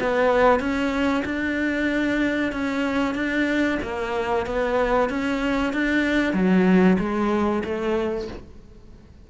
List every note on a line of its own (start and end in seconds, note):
0.00 0.59 B3
0.59 1.23 C#4
1.25 2.52 D4
2.52 3.14 C#4
3.14 3.78 D4
3.82 4.46 A#3
4.46 5.09 B3
5.09 5.73 C#4
5.73 6.33 D4
6.33 6.97 F#3
6.99 7.63 G#3
7.64 8.28 A3